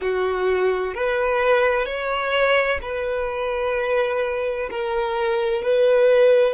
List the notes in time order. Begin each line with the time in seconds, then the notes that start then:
0.01 F#4
0.94 B4
1.85 C#5
2.82 B4
4.70 A#4
5.62 B4